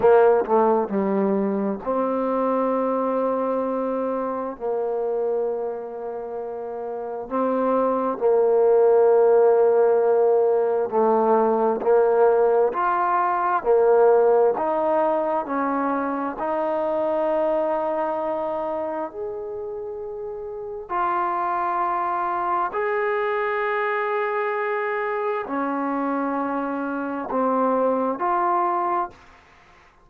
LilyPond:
\new Staff \with { instrumentName = "trombone" } { \time 4/4 \tempo 4 = 66 ais8 a8 g4 c'2~ | c'4 ais2. | c'4 ais2. | a4 ais4 f'4 ais4 |
dis'4 cis'4 dis'2~ | dis'4 gis'2 f'4~ | f'4 gis'2. | cis'2 c'4 f'4 | }